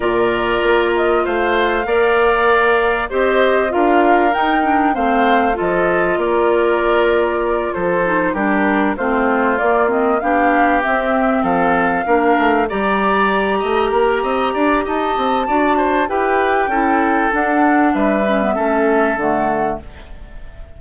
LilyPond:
<<
  \new Staff \with { instrumentName = "flute" } { \time 4/4 \tempo 4 = 97 d''4. dis''8 f''2~ | f''4 dis''4 f''4 g''4 | f''4 dis''4 d''2~ | d''8 c''4 ais'4 c''4 d''8 |
dis''8 f''4 e''4 f''4.~ | f''8 ais''2.~ ais''8 | a''2 g''2 | fis''4 e''2 fis''4 | }
  \new Staff \with { instrumentName = "oboe" } { \time 4/4 ais'2 c''4 d''4~ | d''4 c''4 ais'2 | c''4 a'4 ais'2~ | ais'8 a'4 g'4 f'4.~ |
f'8 g'2 a'4 ais'8~ | ais'8 d''4. dis''8 ais'8 dis''8 d''8 | dis''4 d''8 c''8 b'4 a'4~ | a'4 b'4 a'2 | }
  \new Staff \with { instrumentName = "clarinet" } { \time 4/4 f'2. ais'4~ | ais'4 g'4 f'4 dis'8 d'8 | c'4 f'2.~ | f'4 dis'8 d'4 c'4 ais8 |
c'8 d'4 c'2 d'8~ | d'8 g'2.~ g'8~ | g'4 fis'4 g'4 e'4 | d'4. cis'16 b16 cis'4 a4 | }
  \new Staff \with { instrumentName = "bassoon" } { \time 4/4 ais,4 ais4 a4 ais4~ | ais4 c'4 d'4 dis'4 | a4 f4 ais2~ | ais8 f4 g4 a4 ais8~ |
ais8 b4 c'4 f4 ais8 | a8 g4. a8 ais8 c'8 d'8 | dis'8 c'8 d'4 e'4 cis'4 | d'4 g4 a4 d4 | }
>>